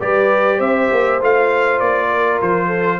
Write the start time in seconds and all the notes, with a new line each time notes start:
0.00 G3 G4 B4 D5
0.58 C4 C5 E5
0.91 A#3
1.21 A3 F4 F5
1.80 A#3 D5
2.09 A#4
2.42 F3 C5
2.67 A4